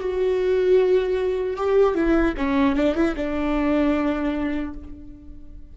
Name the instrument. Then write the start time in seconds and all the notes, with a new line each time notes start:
viola
0.00 F#4
1.57 G4
1.95 E4
2.37 C#4
2.76 D4
2.95 E4
3.16 D4